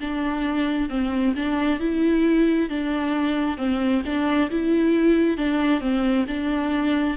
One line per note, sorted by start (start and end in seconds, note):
0.00 0.89 D4
0.89 1.34 C4
1.35 1.80 D4
1.80 2.69 E4
2.69 3.57 D4
3.57 4.02 C4
4.05 4.50 D4
4.51 5.37 E4
5.37 5.80 D4
5.80 6.25 C4
6.27 7.16 D4